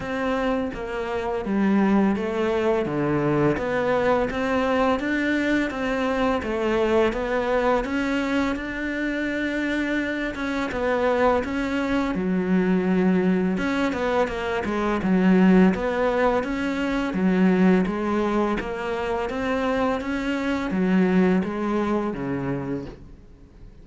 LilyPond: \new Staff \with { instrumentName = "cello" } { \time 4/4 \tempo 4 = 84 c'4 ais4 g4 a4 | d4 b4 c'4 d'4 | c'4 a4 b4 cis'4 | d'2~ d'8 cis'8 b4 |
cis'4 fis2 cis'8 b8 | ais8 gis8 fis4 b4 cis'4 | fis4 gis4 ais4 c'4 | cis'4 fis4 gis4 cis4 | }